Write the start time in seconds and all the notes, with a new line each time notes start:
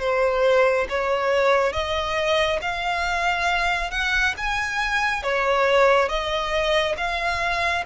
0.00 C5
0.89 C#5
1.73 D#5
2.62 F5
3.91 F#5
4.38 G#5
5.23 C#5
6.09 D#5
6.97 F5